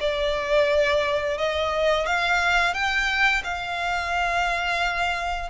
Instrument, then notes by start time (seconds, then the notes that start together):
violin
0.00 D5
1.38 D#5
2.06 F5
2.73 G5
3.44 F5